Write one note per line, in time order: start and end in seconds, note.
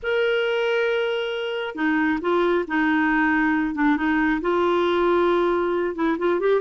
0.02 1.75 A#4
1.75 2.19 D#4
2.21 2.65 F4
2.67 3.74 D#4
3.74 3.96 D4
3.96 4.41 D#4
4.41 5.95 F4
5.95 6.17 E4
6.18 6.40 F4
6.40 6.61 G4